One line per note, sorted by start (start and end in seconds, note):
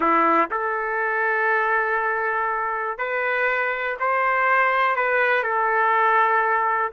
0.00 0.49 E4
0.50 2.98 A4
2.98 3.97 B4
3.99 4.96 C5
4.96 5.43 B4
5.43 6.92 A4